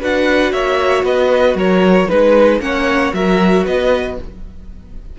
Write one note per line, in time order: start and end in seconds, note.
0.00 0.52 D4
0.00 2.09 F#4
0.00 0.53 B4
0.00 0.52 F#5
0.52 1.03 A#3
0.52 1.05 C#5
0.52 1.04 E5
1.03 1.55 B3
1.03 1.57 B4
1.03 1.57 D#5
1.55 2.07 F#3
1.55 2.08 A#4
1.55 2.10 C#5
2.08 2.60 G#3
2.08 2.60 D#4
2.08 2.60 B4
2.08 2.61 B4
2.60 3.12 A#3
2.60 3.12 C#4
2.60 3.15 C#5
2.60 3.13 F#5
3.13 3.65 F#3
3.13 4.18 F#4
3.13 3.64 A#4
3.13 3.66 E5
3.64 4.18 B3
3.64 4.16 B4
3.64 4.19 D#5